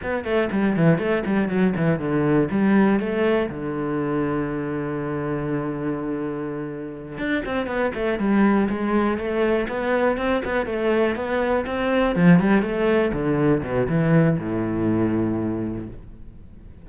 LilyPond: \new Staff \with { instrumentName = "cello" } { \time 4/4 \tempo 4 = 121 b8 a8 g8 e8 a8 g8 fis8 e8 | d4 g4 a4 d4~ | d1~ | d2~ d8 d'8 c'8 b8 |
a8 g4 gis4 a4 b8~ | b8 c'8 b8 a4 b4 c'8~ | c'8 f8 g8 a4 d4 b,8 | e4 a,2. | }